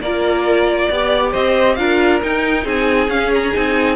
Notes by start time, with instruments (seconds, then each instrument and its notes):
0.00 cello A#3, viola F4, violin A#4 D5
0.89 cello B3, viola G4, violin D5
1.31 cello C4, violin C5 D#5
1.75 cello D4, viola F4, violin A#4 F5
2.23 viola D#4, cello D#4, violin G5
2.64 cello C4, violin G#4 G#5
3.08 cello C#4, viola C#4, violin F5
3.34 violin A#5
3.53 cello C4, viola D#4, violin G#5